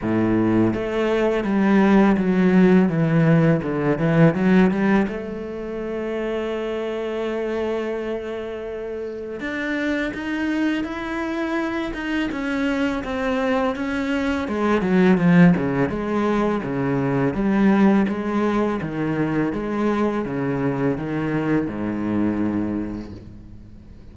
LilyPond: \new Staff \with { instrumentName = "cello" } { \time 4/4 \tempo 4 = 83 a,4 a4 g4 fis4 | e4 d8 e8 fis8 g8 a4~ | a1~ | a4 d'4 dis'4 e'4~ |
e'8 dis'8 cis'4 c'4 cis'4 | gis8 fis8 f8 cis8 gis4 cis4 | g4 gis4 dis4 gis4 | cis4 dis4 gis,2 | }